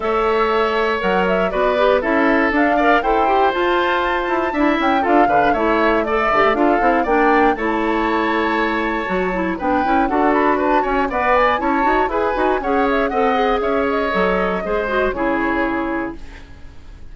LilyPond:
<<
  \new Staff \with { instrumentName = "flute" } { \time 4/4 \tempo 4 = 119 e''2 fis''8 e''8 d''4 | e''4 f''4 g''4 a''4~ | a''4. g''8 f''4 e''4 | d''16 e''8. f''4 g''4 a''4~ |
a''2. g''4 | fis''8 b''8 a''8 gis''8 fis''8 gis''8 a''4 | gis''4 fis''8 e''8 fis''4 e''8 dis''8~ | dis''2 cis''2 | }
  \new Staff \with { instrumentName = "oboe" } { \time 4/4 cis''2. b'4 | a'4. d''8 c''2~ | c''4 e''4 a'8 b'8 cis''4 | d''4 a'4 d''4 cis''4~ |
cis''2. b'4 | a'4 b'8 cis''8 d''4 cis''4 | b'4 cis''4 dis''4 cis''4~ | cis''4 c''4 gis'2 | }
  \new Staff \with { instrumentName = "clarinet" } { \time 4/4 a'2 ais'4 fis'8 g'8 | e'4 d'8 ais'8 a'8 g'8 f'4~ | f'4 e'4 f'8 d'8 e'4 | a'8 g'8 f'8 e'8 d'4 e'4~ |
e'2 fis'8 e'8 d'8 e'8 | fis'2 b'4 e'8 fis'8 | gis'8 fis'8 gis'4 a'8 gis'4. | a'4 gis'8 fis'8 e'2 | }
  \new Staff \with { instrumentName = "bassoon" } { \time 4/4 a2 fis4 b4 | cis'4 d'4 e'4 f'4~ | f'8 e'8 d'8 cis'8 d'8 d8 a4~ | a8 d16 a16 d'8 c'8 ais4 a4~ |
a2 fis4 b8 cis'8 | d'4. cis'8 b4 cis'8 dis'8 | e'8 dis'8 cis'4 c'4 cis'4 | fis4 gis4 cis2 | }
>>